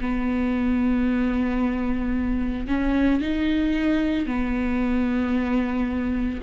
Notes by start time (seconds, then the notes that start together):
0.00 B3
2.67 C#4
3.20 D#4
4.26 B3